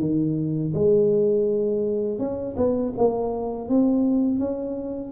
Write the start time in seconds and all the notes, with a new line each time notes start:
0.00 D#3
0.74 G#3
2.19 C#4
2.57 B3
2.97 A#3
3.69 C4
4.39 C#4